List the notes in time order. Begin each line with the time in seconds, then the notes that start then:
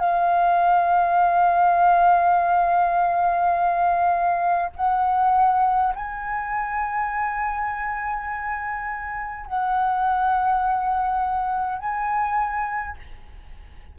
0.00 F5
4.76 F#5
5.96 G#5
9.47 F#5
11.79 G#5